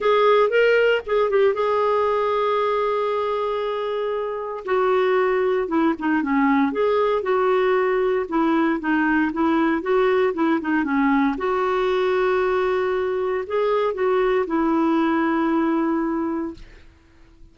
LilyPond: \new Staff \with { instrumentName = "clarinet" } { \time 4/4 \tempo 4 = 116 gis'4 ais'4 gis'8 g'8 gis'4~ | gis'1~ | gis'4 fis'2 e'8 dis'8 | cis'4 gis'4 fis'2 |
e'4 dis'4 e'4 fis'4 | e'8 dis'8 cis'4 fis'2~ | fis'2 gis'4 fis'4 | e'1 | }